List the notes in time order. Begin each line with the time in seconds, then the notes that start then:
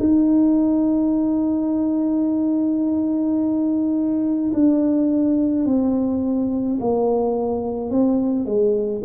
0.00 D#4
4.54 D4
5.66 C4
6.81 A#3
7.91 C4
8.46 G#3